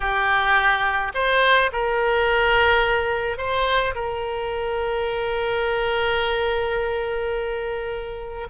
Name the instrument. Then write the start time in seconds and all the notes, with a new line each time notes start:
oboe
0.00 G4
1.14 C5
1.72 A#4
3.37 C5
3.94 A#4